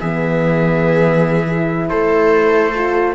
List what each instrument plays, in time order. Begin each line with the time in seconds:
0.00 cello E3, horn B3, viola G#4, trumpet E5
1.47 horn E4
1.90 cello A3, viola A4, trumpet C5
2.75 horn F4